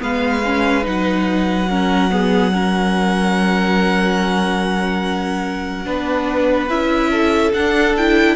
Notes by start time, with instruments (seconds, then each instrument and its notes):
0.00 cello G#3, viola B3, violin B4 F5
0.45 viola C#4
0.82 cello F#3, viola D#4, violin F#5
1.69 viola C#4, violin A#4
2.10 viola B3, violin G#4
2.52 viola C#4, violin A#4
5.85 cello B3, viola D4, violin B4
6.69 cello C#4, viola E4, violin E5
7.10 violin A4
7.53 viola D4, cello D4, violin F#5
7.97 viola E4, violin G5